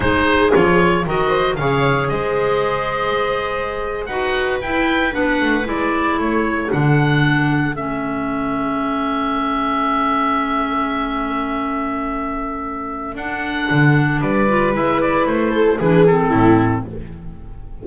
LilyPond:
<<
  \new Staff \with { instrumentName = "oboe" } { \time 4/4 \tempo 4 = 114 c''4 cis''4 dis''4 f''4 | dis''2.~ dis''8. fis''16~ | fis''8. g''4 fis''4 d''4 cis''16~ | cis''8. fis''2 e''4~ e''16~ |
e''1~ | e''1~ | e''4 fis''2 d''4 | e''8 d''8 c''4 b'8 a'4. | }
  \new Staff \with { instrumentName = "viola" } { \time 4/4 gis'2 ais'8 c''8 cis''4 | c''2.~ c''8. b'16~ | b'2.~ b'8. a'16~ | a'1~ |
a'1~ | a'1~ | a'2. b'4~ | b'4. a'8 gis'4 e'4 | }
  \new Staff \with { instrumentName = "clarinet" } { \time 4/4 dis'4 f'4 fis'4 gis'4~ | gis'2.~ gis'8. fis'16~ | fis'8. e'4 d'4 e'4~ e'16~ | e'8. d'2 cis'4~ cis'16~ |
cis'1~ | cis'1~ | cis'4 d'2~ d'8 f'8 | e'2 d'8 c'4. | }
  \new Staff \with { instrumentName = "double bass" } { \time 4/4 gis4 f4 dis4 cis4 | gis2.~ gis8. dis'16~ | dis'8. e'4 b8 a8 gis4 a16~ | a8. d2 a4~ a16~ |
a1~ | a1~ | a4 d'4 d4 g4 | gis4 a4 e4 a,4 | }
>>